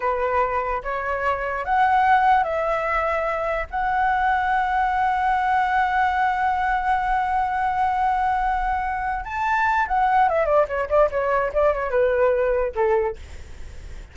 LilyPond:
\new Staff \with { instrumentName = "flute" } { \time 4/4 \tempo 4 = 146 b'2 cis''2 | fis''2 e''2~ | e''4 fis''2.~ | fis''1~ |
fis''1~ | fis''2~ fis''8 a''4. | fis''4 e''8 d''8 cis''8 d''8 cis''4 | d''8 cis''8 b'2 a'4 | }